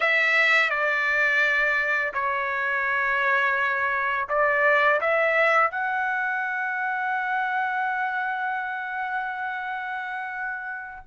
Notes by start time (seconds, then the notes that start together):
0.00 E5
0.69 D5
2.13 C#5
4.29 D5
5.00 E5
5.70 F#5